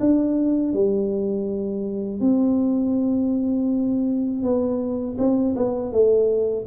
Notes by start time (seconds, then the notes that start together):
0.00 D4
0.73 G3
2.21 C4
4.43 B3
5.18 C4
5.56 B3
5.92 A3